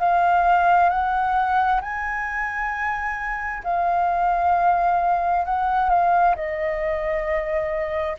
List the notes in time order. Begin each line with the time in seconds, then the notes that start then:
0.00 F5
0.90 F#5
1.81 G#5
3.64 F5
5.46 F#5
5.90 F5
6.36 D#5